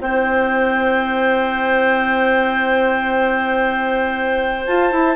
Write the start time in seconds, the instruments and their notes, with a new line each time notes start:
0.00 bassoon C4, saxophone E4, clarinet C5, flute G5
4.65 saxophone F4, bassoon F4, flute A5
4.91 saxophone E4, bassoon E4